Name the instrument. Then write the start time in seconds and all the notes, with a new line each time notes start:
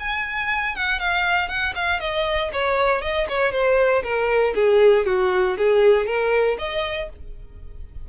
violin
0.00 G#5
0.76 F#5
0.99 F5
1.49 F#5
1.76 F5
2.00 D#5
2.53 C#5
3.02 D#5
3.29 C#5
3.52 C5
4.03 A#4
4.55 G#4
5.06 F#4
5.58 G#4
6.07 A#4
6.58 D#5